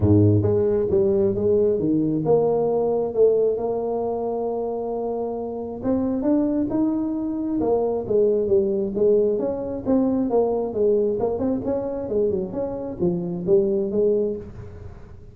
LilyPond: \new Staff \with { instrumentName = "tuba" } { \time 4/4 \tempo 4 = 134 gis,4 gis4 g4 gis4 | dis4 ais2 a4 | ais1~ | ais4 c'4 d'4 dis'4~ |
dis'4 ais4 gis4 g4 | gis4 cis'4 c'4 ais4 | gis4 ais8 c'8 cis'4 gis8 fis8 | cis'4 f4 g4 gis4 | }